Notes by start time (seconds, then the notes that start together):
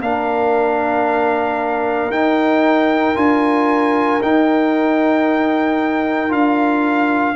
0.00 A#3 D4 A#4 F5
2.10 D#4 G5
3.16 D4 F4 G#5
4.22 D#4 G5
6.30 D4 F4 F5